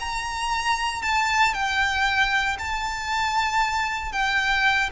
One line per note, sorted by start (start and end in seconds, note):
0.00 1.02 A#5
1.02 1.54 A5
1.54 2.57 G5
2.59 4.12 A5
4.12 4.90 G5